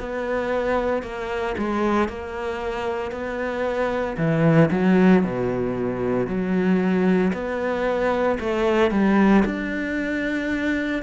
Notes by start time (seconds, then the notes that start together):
0.00 B3
1.03 A#3
1.58 G#3
2.09 A#3
3.12 B3
4.18 E3
4.71 F#3
5.24 B2
6.27 F#3
7.33 B3
8.40 A3
8.91 G3
9.45 D4